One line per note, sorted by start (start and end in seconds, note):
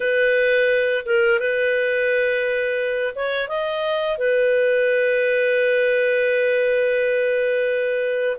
0.00 1.05 B4
1.05 1.39 A#4
1.39 3.14 B4
3.15 3.48 C#5
3.48 4.18 D#5
4.18 8.36 B4